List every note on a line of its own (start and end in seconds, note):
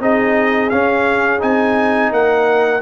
0.00 0.71 C4
0.00 0.71 D#4
0.00 2.12 G#4
0.00 0.70 D#5
0.70 1.39 C#4
0.70 1.42 C#4
0.70 1.40 F5
1.39 2.11 C4
1.39 2.80 D#4
1.39 2.12 G#5
2.11 2.81 A#3
2.11 2.81 A#4
2.11 2.81 F#5